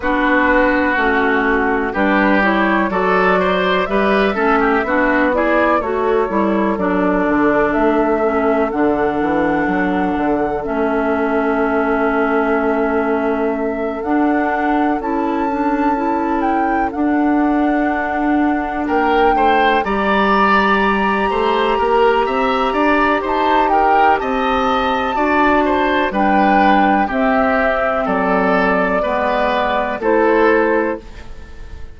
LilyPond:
<<
  \new Staff \with { instrumentName = "flute" } { \time 4/4 \tempo 4 = 62 b'4 fis'4 b'8 cis''8 d''4 | e''4. d''8 cis''4 d''4 | e''4 fis''2 e''4~ | e''2~ e''8 fis''4 a''8~ |
a''4 g''8 fis''2 g''8~ | g''8 ais''2.~ ais''8 | a''8 g''8 a''2 g''4 | e''4 d''2 c''4 | }
  \new Staff \with { instrumentName = "oboe" } { \time 4/4 fis'2 g'4 a'8 c''8 | b'8 a'16 g'16 fis'8 gis'8 a'2~ | a'1~ | a'1~ |
a'2.~ a'8 ais'8 | c''8 d''4. c''8 ais'8 e''8 d''8 | c''8 ais'8 dis''4 d''8 c''8 b'4 | g'4 a'4 b'4 a'4 | }
  \new Staff \with { instrumentName = "clarinet" } { \time 4/4 d'4 cis'4 d'8 e'8 fis'4 | g'8 cis'8 d'8 e'8 fis'8 e'8 d'4~ | d'8 cis'8 d'2 cis'4~ | cis'2~ cis'8 d'4 e'8 |
d'8 e'4 d'2~ d'8~ | d'8 g'2.~ g'8~ | g'2 fis'4 d'4 | c'2 b4 e'4 | }
  \new Staff \with { instrumentName = "bassoon" } { \time 4/4 b4 a4 g4 fis4 | g8 a8 b4 a8 g8 fis8 d8 | a4 d8 e8 fis8 d8 a4~ | a2~ a8 d'4 cis'8~ |
cis'4. d'2 ais8 | a8 g4. a8 ais8 c'8 d'8 | dis'4 c'4 d'4 g4 | c'4 fis4 gis4 a4 | }
>>